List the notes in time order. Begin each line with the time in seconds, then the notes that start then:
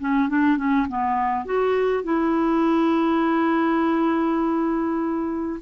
0.00 C#4
0.29 D4
0.57 C#4
0.88 B3
1.45 F#4
2.03 E4